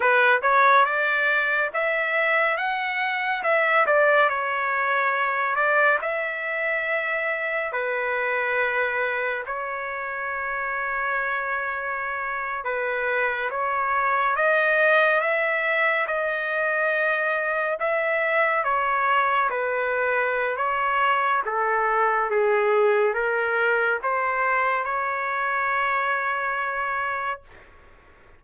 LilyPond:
\new Staff \with { instrumentName = "trumpet" } { \time 4/4 \tempo 4 = 70 b'8 cis''8 d''4 e''4 fis''4 | e''8 d''8 cis''4. d''8 e''4~ | e''4 b'2 cis''4~ | cis''2~ cis''8. b'4 cis''16~ |
cis''8. dis''4 e''4 dis''4~ dis''16~ | dis''8. e''4 cis''4 b'4~ b'16 | cis''4 a'4 gis'4 ais'4 | c''4 cis''2. | }